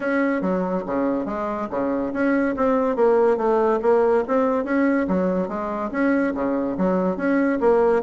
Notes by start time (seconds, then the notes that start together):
0.00 C#4
0.41 F#3
0.86 C#3
1.25 G#3
1.70 C#3
2.13 C#4
2.56 C4
2.95 A#3
3.37 A3
3.81 A#3
4.27 C4
4.64 C#4
5.08 F#3
5.48 G#3
5.91 C#4
6.34 C#3
6.77 F#3
7.16 C#4
7.60 A#3